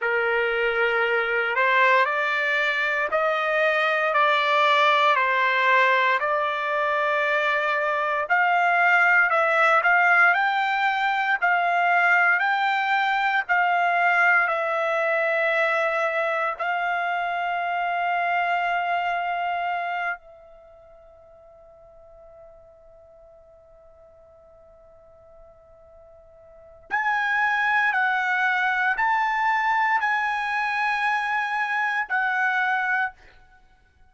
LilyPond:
\new Staff \with { instrumentName = "trumpet" } { \time 4/4 \tempo 4 = 58 ais'4. c''8 d''4 dis''4 | d''4 c''4 d''2 | f''4 e''8 f''8 g''4 f''4 | g''4 f''4 e''2 |
f''2.~ f''8 e''8~ | e''1~ | e''2 gis''4 fis''4 | a''4 gis''2 fis''4 | }